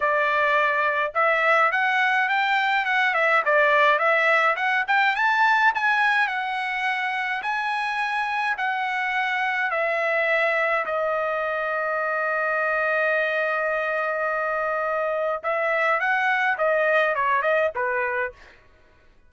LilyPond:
\new Staff \with { instrumentName = "trumpet" } { \time 4/4 \tempo 4 = 105 d''2 e''4 fis''4 | g''4 fis''8 e''8 d''4 e''4 | fis''8 g''8 a''4 gis''4 fis''4~ | fis''4 gis''2 fis''4~ |
fis''4 e''2 dis''4~ | dis''1~ | dis''2. e''4 | fis''4 dis''4 cis''8 dis''8 b'4 | }